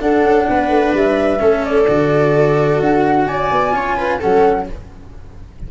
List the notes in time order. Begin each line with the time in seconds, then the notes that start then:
0.00 D4 A4 F#5
0.24 C#4
0.49 B3 B4
0.69 A3
0.94 G3 E5
1.39 A3 C#4 A4
1.65 D5
1.88 D3 F#4
2.80 D4 F#5
3.27 C#4 D5 G#5
3.51 B3
3.72 C#4 F4 C#5
3.96 B4
4.19 F#3 C#4 A4 F#5